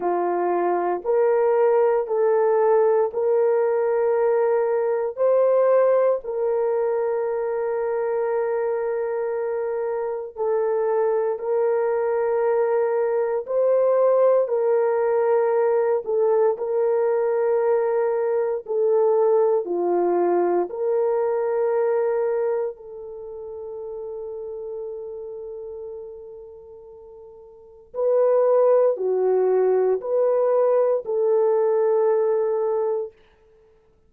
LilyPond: \new Staff \with { instrumentName = "horn" } { \time 4/4 \tempo 4 = 58 f'4 ais'4 a'4 ais'4~ | ais'4 c''4 ais'2~ | ais'2 a'4 ais'4~ | ais'4 c''4 ais'4. a'8 |
ais'2 a'4 f'4 | ais'2 a'2~ | a'2. b'4 | fis'4 b'4 a'2 | }